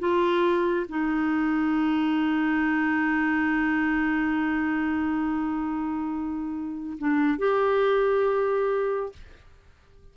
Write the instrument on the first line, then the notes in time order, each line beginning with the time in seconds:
clarinet
0.00 F4
0.89 D#4
6.99 D4
7.39 G4